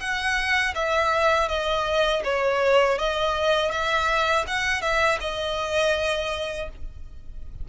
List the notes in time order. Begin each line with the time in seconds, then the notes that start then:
0.00 F#5
0.75 E5
1.48 D#5
2.24 C#5
2.98 D#5
3.71 E5
4.47 F#5
4.81 E5
5.21 D#5